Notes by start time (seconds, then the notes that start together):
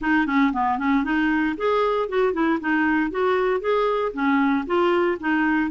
0.01 D#4
0.26 C#4
0.52 B3
0.78 C#4
1.04 D#4
1.57 G#4
2.08 F#4
2.33 E4
2.60 D#4
3.10 F#4
3.60 G#4
4.13 C#4
4.66 F4
5.20 D#4